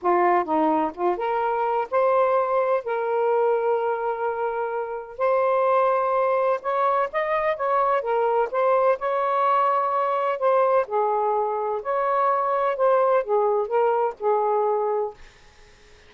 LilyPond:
\new Staff \with { instrumentName = "saxophone" } { \time 4/4 \tempo 4 = 127 f'4 dis'4 f'8 ais'4. | c''2 ais'2~ | ais'2. c''4~ | c''2 cis''4 dis''4 |
cis''4 ais'4 c''4 cis''4~ | cis''2 c''4 gis'4~ | gis'4 cis''2 c''4 | gis'4 ais'4 gis'2 | }